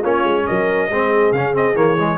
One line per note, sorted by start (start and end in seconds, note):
0.00 0.24 A#3
0.00 0.91 C#4
0.00 0.43 F4
0.00 0.46 C#5
0.24 0.46 G#3
0.46 0.89 F#3
0.46 0.91 A#4
0.46 1.32 D#5
0.89 1.32 G#3
0.89 1.35 C4
0.89 2.18 G#4
1.32 1.75 C#3
1.32 1.53 C#4
1.32 1.54 F5
1.53 1.75 C4
1.53 1.76 D#5
1.75 2.18 E3
1.75 1.97 A#3
1.75 2.18 C#5
1.99 2.18 G#3